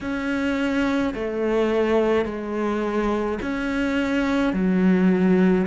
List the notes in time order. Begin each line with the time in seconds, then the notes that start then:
0.01 C#4
1.14 A3
2.25 G#3
3.42 C#4
4.53 F#3